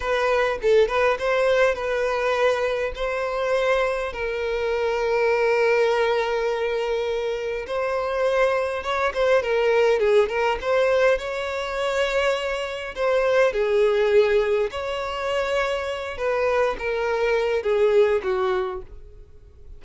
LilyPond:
\new Staff \with { instrumentName = "violin" } { \time 4/4 \tempo 4 = 102 b'4 a'8 b'8 c''4 b'4~ | b'4 c''2 ais'4~ | ais'1~ | ais'4 c''2 cis''8 c''8 |
ais'4 gis'8 ais'8 c''4 cis''4~ | cis''2 c''4 gis'4~ | gis'4 cis''2~ cis''8 b'8~ | b'8 ais'4. gis'4 fis'4 | }